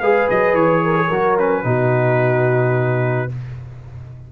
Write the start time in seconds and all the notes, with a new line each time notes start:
0.00 G#3 G#4 B4 F5
0.29 F#3 D#5
0.53 E3 C#5
0.84 A#4
0.98 G#4
1.08 F#3 F#4 A#4
1.38 C#4 B4
1.64 B2 D#4 F#4